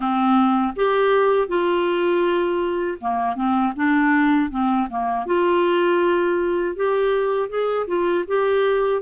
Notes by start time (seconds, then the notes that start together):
0.00 C4
0.76 G4
1.48 F4
3.00 A#3
3.35 C4
3.75 D4
4.50 C4
4.90 A#3
5.26 F4
6.75 G4
7.49 G#4
7.87 F4
8.27 G4